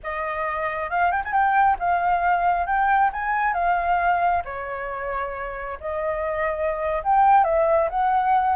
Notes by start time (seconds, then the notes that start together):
0.03 D#5
0.89 F5
1.11 G5
1.24 G#5
1.32 G5
1.79 F5
2.66 G5
3.12 G#5
3.53 F5
4.44 C#5
5.80 D#5
7.03 G5
7.44 E5
7.89 F#5